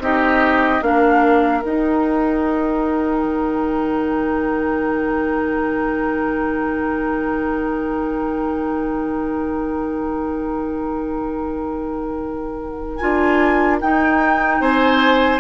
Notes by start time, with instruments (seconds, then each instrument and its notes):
0.00 bassoon C4, clarinet D#4, oboe G4, flute D#5
0.82 bassoon A#3, clarinet D4, oboe A#4, flute F5
1.62 clarinet D#4, bassoon D#4, flute G5
3.25 bassoon D#3
12.96 clarinet F4, flute G#5
13.02 bassoon D4
13.81 clarinet D#4, bassoon D#4, flute G5
14.60 bassoon C4, oboe C5, flute G#5